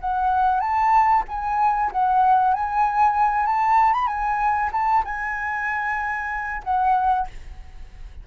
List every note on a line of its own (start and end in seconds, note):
0.00 0.60 F#5
0.60 1.23 A5
1.28 1.91 G#5
1.91 2.54 F#5
2.54 3.46 G#5
3.46 3.93 A5
3.93 4.07 B5
4.07 4.70 G#5
4.72 5.04 A5
5.05 6.63 G#5
6.64 7.27 F#5